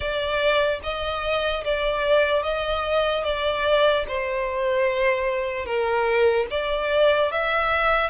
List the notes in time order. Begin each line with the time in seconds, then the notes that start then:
0.00 D5
0.83 D#5
1.64 D5
2.43 D#5
3.24 D5
4.08 C5
5.65 A#4
6.50 D5
7.31 E5